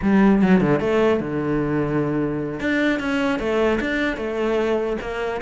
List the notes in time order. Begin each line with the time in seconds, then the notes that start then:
0.01 G3
0.41 F#3
0.61 D3
0.79 A3
1.20 D3
2.60 D4
2.99 C#4
3.39 A3
3.80 D4
4.16 A3
5.01 A#3